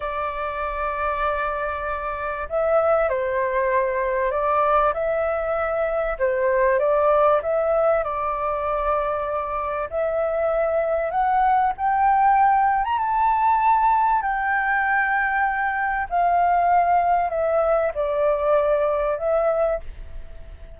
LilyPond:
\new Staff \with { instrumentName = "flute" } { \time 4/4 \tempo 4 = 97 d''1 | e''4 c''2 d''4 | e''2 c''4 d''4 | e''4 d''2. |
e''2 fis''4 g''4~ | g''8. ais''16 a''2 g''4~ | g''2 f''2 | e''4 d''2 e''4 | }